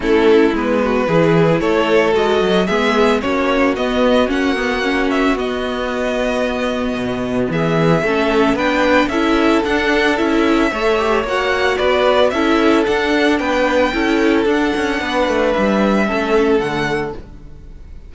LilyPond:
<<
  \new Staff \with { instrumentName = "violin" } { \time 4/4 \tempo 4 = 112 a'4 b'2 cis''4 | dis''4 e''4 cis''4 dis''4 | fis''4. e''8 dis''2~ | dis''2 e''2 |
g''4 e''4 fis''4 e''4~ | e''4 fis''4 d''4 e''4 | fis''4 g''2 fis''4~ | fis''4 e''2 fis''4 | }
  \new Staff \with { instrumentName = "violin" } { \time 4/4 e'4. fis'8 gis'4 a'4~ | a'4 gis'4 fis'2~ | fis'1~ | fis'2 gis'4 a'4 |
b'4 a'2. | cis''2 b'4 a'4~ | a'4 b'4 a'2 | b'2 a'2 | }
  \new Staff \with { instrumentName = "viola" } { \time 4/4 cis'4 b4 e'2 | fis'4 b4 cis'4 b4 | cis'8 b8 cis'4 b2~ | b2. cis'4 |
d'4 e'4 d'4 e'4 | a'8 g'8 fis'2 e'4 | d'2 e'4 d'4~ | d'2 cis'4 a4 | }
  \new Staff \with { instrumentName = "cello" } { \time 4/4 a4 gis4 e4 a4 | gis8 fis8 gis4 ais4 b4 | ais2 b2~ | b4 b,4 e4 a4 |
b4 cis'4 d'4 cis'4 | a4 ais4 b4 cis'4 | d'4 b4 cis'4 d'8 cis'8 | b8 a8 g4 a4 d4 | }
>>